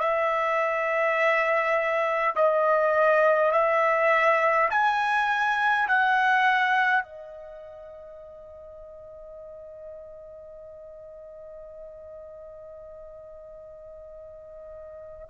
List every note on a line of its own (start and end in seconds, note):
0.00 2.35 E5
2.36 3.52 D#5
3.52 4.70 E5
4.71 5.88 G#5
5.88 7.04 F#5
7.04 15.27 D#5